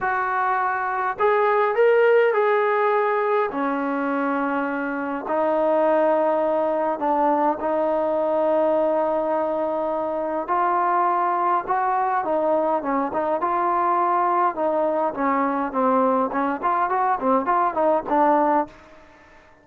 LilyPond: \new Staff \with { instrumentName = "trombone" } { \time 4/4 \tempo 4 = 103 fis'2 gis'4 ais'4 | gis'2 cis'2~ | cis'4 dis'2. | d'4 dis'2.~ |
dis'2 f'2 | fis'4 dis'4 cis'8 dis'8 f'4~ | f'4 dis'4 cis'4 c'4 | cis'8 f'8 fis'8 c'8 f'8 dis'8 d'4 | }